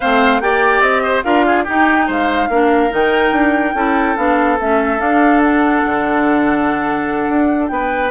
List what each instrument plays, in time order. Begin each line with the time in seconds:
0.00 bassoon A3, clarinet C4, oboe C5, flute F5
0.41 bassoon A#3, clarinet G4, oboe D5, flute G5
0.80 bassoon C4, flute D#5
1.03 oboe C5
1.23 bassoon D4, clarinet F4, oboe A#4, flute F5
1.46 oboe G#4
1.64 clarinet D#4, bassoon D#4, oboe G4, flute G5
2.07 bassoon G#3, oboe C5, flute F5
2.48 bassoon A#3, clarinet D4, oboe A#4
2.90 bassoon D#3, clarinet D#4, flute G5
3.31 bassoon D4
3.74 bassoon C#4, clarinet E4, oboe A4
4.16 bassoon B3, clarinet D4, flute F5
4.59 bassoon A3, clarinet C#4, flute E5
4.98 clarinet D4, bassoon D4, flute F5
5.43 flute F#5
5.85 bassoon D3
7.28 bassoon D4
7.68 bassoon B3, oboe B4, flute G5